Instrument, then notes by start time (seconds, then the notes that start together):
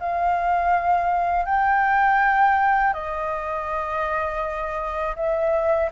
flute
0.00 F5
1.45 G5
2.94 D#5
5.16 E5